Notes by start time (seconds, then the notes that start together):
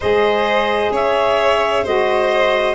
0.00 G#3 G#4 C5 D#5
0.90 C#4 C#5 E5
1.83 G#3 F#4 C5 D#5